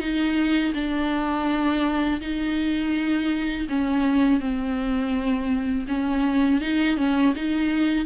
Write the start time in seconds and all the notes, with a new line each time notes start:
0.00 D#4
0.75 D4
2.21 D#4
3.69 C#4
4.40 C4
5.88 C#4
6.61 D#4
6.97 C#4
7.35 D#4